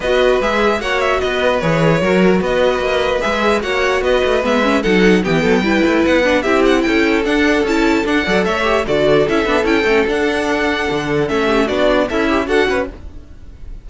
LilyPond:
<<
  \new Staff \with { instrumentName = "violin" } { \time 4/4 \tempo 4 = 149 dis''4 e''4 fis''8 e''8 dis''4 | cis''2 dis''2 | e''4 fis''4 dis''4 e''4 | fis''4 g''2 fis''4 |
e''8 fis''8 g''4 fis''4 a''4 | fis''4 e''4 d''4 e''4 | g''4 fis''2. | e''4 d''4 e''4 fis''4 | }
  \new Staff \with { instrumentName = "violin" } { \time 4/4 b'2 cis''4 b'4~ | b'4 ais'4 b'2~ | b'4 cis''4 b'2 | a'4 g'8 a'8 b'2 |
g'4 a'2.~ | a'8 d''8 cis''4 a'2~ | a'1~ | a'8 g'8 fis'4 e'4 a'8 b'8 | }
  \new Staff \with { instrumentName = "viola" } { \time 4/4 fis'4 gis'4 fis'2 | gis'4 fis'2. | gis'4 fis'2 b8 cis'8 | dis'4 b4 e'4. d'8 |
e'2 d'4 e'4 | d'8 a'4 g'8 fis'4 e'8 d'8 | e'8 cis'8 d'2. | cis'4 d'4 a'8 g'8 fis'4 | }
  \new Staff \with { instrumentName = "cello" } { \time 4/4 b4 gis4 ais4 b4 | e4 fis4 b4 ais4 | gis4 ais4 b8 a8 gis4 | fis4 e8 fis8 g8 a8 b4 |
c'4 cis'4 d'4 cis'4 | d'8 fis8 a4 d4 cis'8 b8 | cis'8 a8 d'2 d4 | a4 b4 cis'4 d'8 cis'8 | }
>>